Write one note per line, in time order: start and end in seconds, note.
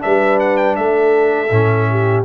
0.00 0.78 G3
0.00 1.48 D4
0.00 0.79 B4
0.00 0.39 E5
0.40 0.57 F#5
0.57 0.76 G5
0.76 1.51 A3
0.76 1.90 A4
0.76 2.24 E5
1.51 2.25 A2
1.51 2.25 C#4
1.90 2.25 G4